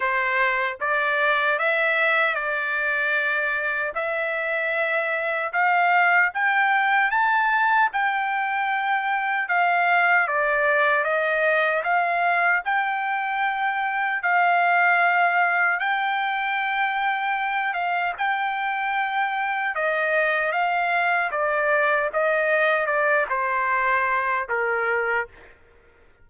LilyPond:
\new Staff \with { instrumentName = "trumpet" } { \time 4/4 \tempo 4 = 76 c''4 d''4 e''4 d''4~ | d''4 e''2 f''4 | g''4 a''4 g''2 | f''4 d''4 dis''4 f''4 |
g''2 f''2 | g''2~ g''8 f''8 g''4~ | g''4 dis''4 f''4 d''4 | dis''4 d''8 c''4. ais'4 | }